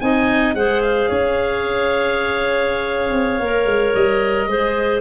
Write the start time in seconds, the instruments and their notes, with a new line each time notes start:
0.00 tuba C4, clarinet D#4 D#5, oboe G#5
0.54 tuba G#3, clarinet G#4 C5, oboe F#5
0.82 oboe F5
1.09 tuba C#4, clarinet C#5
3.13 tuba C4
3.40 tuba A#3, clarinet A#4
3.65 tuba G#3
3.94 tuba G3, oboe D#5
4.47 tuba G#3, clarinet G#4 C5